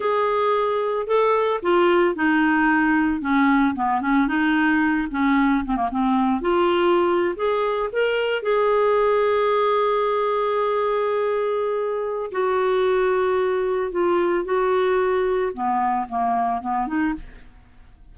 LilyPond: \new Staff \with { instrumentName = "clarinet" } { \time 4/4 \tempo 4 = 112 gis'2 a'4 f'4 | dis'2 cis'4 b8 cis'8 | dis'4. cis'4 c'16 ais16 c'4 | f'4.~ f'16 gis'4 ais'4 gis'16~ |
gis'1~ | gis'2. fis'4~ | fis'2 f'4 fis'4~ | fis'4 b4 ais4 b8 dis'8 | }